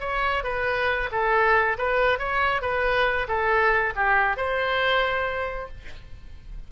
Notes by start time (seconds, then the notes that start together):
0.00 C#5
0.44 B4
1.11 A4
1.78 B4
2.19 C#5
2.62 B4
3.28 A4
3.96 G4
4.37 C5